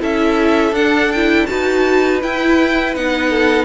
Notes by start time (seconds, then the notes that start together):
0.00 C#4 E4 A4 E5
0.72 D4 F#5
1.12 E4 G5
1.46 D#4 F#4 B4 A5
2.23 E4 G5
2.95 B3 D#4 F#5
3.30 A4